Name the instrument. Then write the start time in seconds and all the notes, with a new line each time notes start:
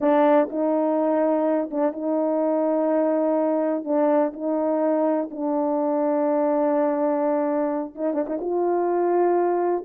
horn
0.00 D4
0.50 D#4
1.70 D4
1.92 D#4
3.84 D4
4.33 D#4
5.30 D4
7.95 D#4
8.13 D4
8.26 D#4
8.40 F4